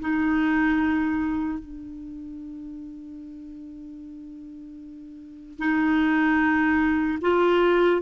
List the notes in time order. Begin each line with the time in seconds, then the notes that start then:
0.00 D#4
1.59 D4
5.59 D#4
7.21 F4